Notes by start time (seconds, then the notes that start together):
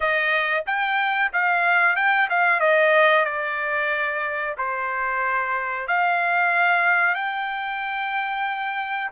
0.00 D#5
0.66 G5
1.32 F5
1.96 G5
2.29 F5
2.60 D#5
3.25 D5
4.57 C5
5.87 F5
7.14 G5